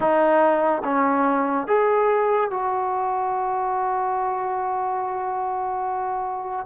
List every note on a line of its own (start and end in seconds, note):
0.00 0.82 D#4
0.83 1.67 C#4
1.67 2.50 G#4
2.50 6.66 F#4